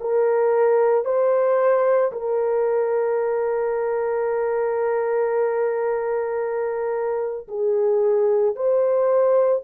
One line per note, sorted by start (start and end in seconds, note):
0.00 1.04 A#4
1.04 2.11 C5
2.12 7.48 A#4
7.48 8.55 G#4
8.56 9.63 C5